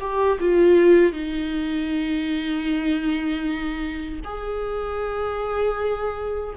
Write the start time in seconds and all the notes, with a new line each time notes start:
0.00 G4
0.40 F4
1.13 D#4
4.24 G#4